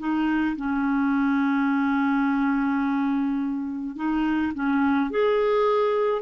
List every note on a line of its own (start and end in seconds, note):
0.00 0.57 D#4
0.57 3.96 C#4
3.96 4.53 D#4
4.54 5.11 C#4
5.11 6.23 G#4